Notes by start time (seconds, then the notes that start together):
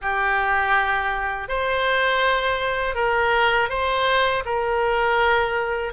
0.01 G4
1.48 C5
2.95 A#4
3.69 C5
4.45 A#4